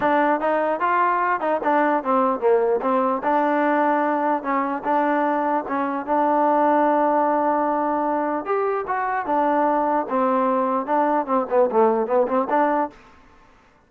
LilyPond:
\new Staff \with { instrumentName = "trombone" } { \time 4/4 \tempo 4 = 149 d'4 dis'4 f'4. dis'8 | d'4 c'4 ais4 c'4 | d'2. cis'4 | d'2 cis'4 d'4~ |
d'1~ | d'4 g'4 fis'4 d'4~ | d'4 c'2 d'4 | c'8 b8 a4 b8 c'8 d'4 | }